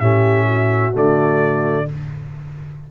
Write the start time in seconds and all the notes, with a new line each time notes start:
0.00 A2 C#4 G4 E5
0.46 F#4
0.93 D3 A3 D5